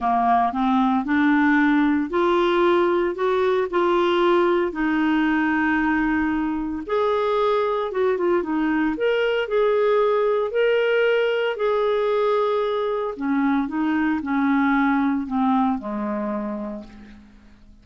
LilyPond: \new Staff \with { instrumentName = "clarinet" } { \time 4/4 \tempo 4 = 114 ais4 c'4 d'2 | f'2 fis'4 f'4~ | f'4 dis'2.~ | dis'4 gis'2 fis'8 f'8 |
dis'4 ais'4 gis'2 | ais'2 gis'2~ | gis'4 cis'4 dis'4 cis'4~ | cis'4 c'4 gis2 | }